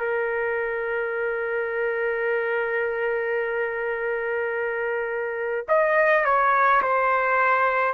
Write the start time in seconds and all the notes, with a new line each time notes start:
0.00 A#4
5.69 D#5
6.25 C#5
6.83 C5